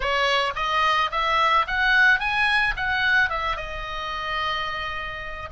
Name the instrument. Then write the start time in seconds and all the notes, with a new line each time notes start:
oboe
0.00 C#5
0.55 D#5
1.11 E5
1.67 F#5
2.19 G#5
2.76 F#5
3.29 E5
3.56 D#5